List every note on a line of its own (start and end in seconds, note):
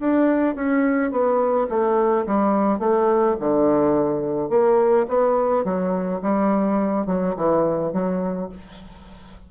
0.00 0.56 D4
0.56 1.11 C#4
1.11 1.68 B3
1.70 2.26 A3
2.27 2.80 G3
2.80 3.36 A3
3.40 4.50 D3
4.50 5.07 A#3
5.08 5.64 B3
5.64 6.21 F#3
6.22 7.07 G3
7.07 7.35 F#3
7.37 7.93 E3
7.93 8.50 F#3